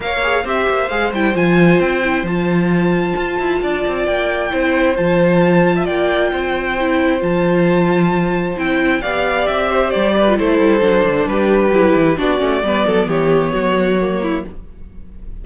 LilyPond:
<<
  \new Staff \with { instrumentName = "violin" } { \time 4/4 \tempo 4 = 133 f''4 e''4 f''8 g''8 gis''4 | g''4 a''2.~ | a''4 g''2 a''4~ | a''4 g''2. |
a''2. g''4 | f''4 e''4 d''4 c''4~ | c''4 b'2 d''4~ | d''4 cis''2. | }
  \new Staff \with { instrumentName = "violin" } { \time 4/4 cis''4 c''2.~ | c''1 | d''2 c''2~ | c''8. e''16 d''4 c''2~ |
c''1 | d''4. c''4 b'8 a'4~ | a'4 g'2 fis'4 | b'8 a'8 g'4 fis'4. e'8 | }
  \new Staff \with { instrumentName = "viola" } { \time 4/4 ais'8 gis'8 g'4 gis'8 e'8 f'4~ | f'8 e'8 f'2.~ | f'2 e'4 f'4~ | f'2. e'4 |
f'2. e'4 | g'2~ g'8. f'16 e'4 | d'2 e'4 d'8 cis'8 | b2. ais4 | }
  \new Staff \with { instrumentName = "cello" } { \time 4/4 ais4 c'8 ais8 gis8 g8 f4 | c'4 f2 f'8 e'8 | d'8 c'8 ais4 c'4 f4~ | f4 ais4 c'2 |
f2. c'4 | b4 c'4 g4 a8 g8 | fis8 d8 g4 fis8 e8 b8 a8 | g8 fis8 e4 fis2 | }
>>